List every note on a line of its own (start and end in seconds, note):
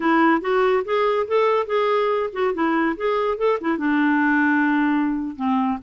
0.00 0.41 E4
0.41 0.83 F#4
0.84 1.27 G#4
1.27 1.66 A4
1.66 2.30 G#4
2.32 2.54 F#4
2.54 2.96 E4
2.96 3.37 G#4
3.37 3.58 A4
3.60 3.78 E4
3.78 5.36 D4
5.36 5.78 C4